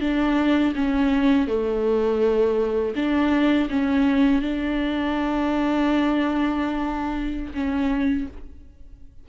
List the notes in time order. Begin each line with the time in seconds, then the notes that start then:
0.00 D4
0.75 C#4
1.47 A3
2.95 D4
3.69 C#4
4.41 D4
7.54 C#4